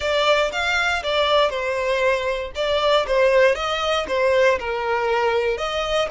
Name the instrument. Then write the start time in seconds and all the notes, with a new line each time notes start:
violin
0.00 D5
0.52 F5
1.03 D5
1.50 C5
2.55 D5
3.07 C5
3.55 D#5
4.07 C5
4.59 A#4
5.57 D#5